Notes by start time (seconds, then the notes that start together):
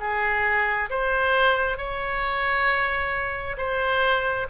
0.00 G#4
0.90 C5
1.78 C#5
3.58 C5